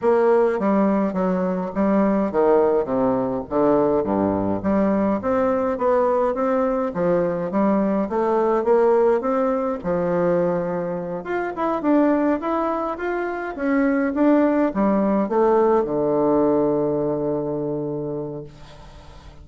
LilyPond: \new Staff \with { instrumentName = "bassoon" } { \time 4/4 \tempo 4 = 104 ais4 g4 fis4 g4 | dis4 c4 d4 g,4 | g4 c'4 b4 c'4 | f4 g4 a4 ais4 |
c'4 f2~ f8 f'8 | e'8 d'4 e'4 f'4 cis'8~ | cis'8 d'4 g4 a4 d8~ | d1 | }